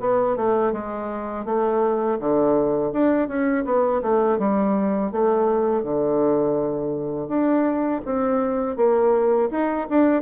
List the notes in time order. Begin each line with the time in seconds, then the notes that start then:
0.00 B3
0.37 A3
0.73 G#3
1.45 A3
2.20 D3
2.93 D4
3.28 C#4
3.65 B3
4.02 A3
4.38 G3
5.12 A3
5.83 D3
7.28 D4
8.05 C4
8.76 A#3
9.51 D#4
9.90 D4